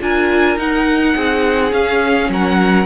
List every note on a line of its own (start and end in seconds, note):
0.00 0.57 D4
0.00 0.58 F4
0.00 1.15 A#4
0.00 0.59 G#5
0.57 1.15 D#4
0.57 1.71 D#4
0.57 1.73 F#5
1.15 1.72 C4
1.15 2.30 G#4
1.71 2.86 C#4
1.71 2.29 C#4
1.71 2.30 F5
2.29 2.86 F#3
2.29 2.86 A#4
2.29 2.86 F#5